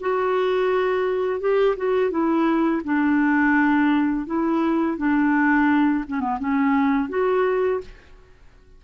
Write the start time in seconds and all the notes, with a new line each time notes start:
0.00 F#4
1.40 G4
1.76 F#4
2.10 E4
2.84 D4
4.26 E4
4.97 D4
6.07 C#4
6.20 B3
6.39 C#4
7.09 F#4